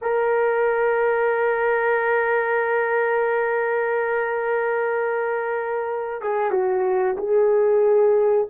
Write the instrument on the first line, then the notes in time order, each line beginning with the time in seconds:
horn
0.01 A#4
6.21 G#4
6.50 F#4
7.17 G#4